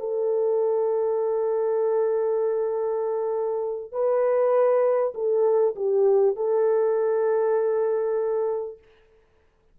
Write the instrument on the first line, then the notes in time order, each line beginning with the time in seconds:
horn
0.00 A4
3.93 B4
5.15 A4
5.76 G4
6.36 A4